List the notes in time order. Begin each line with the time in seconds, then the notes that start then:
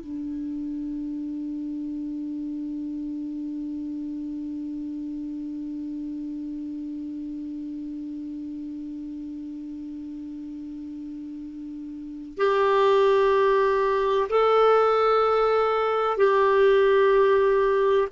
0.00 D4
12.38 G4
14.29 A4
16.17 G4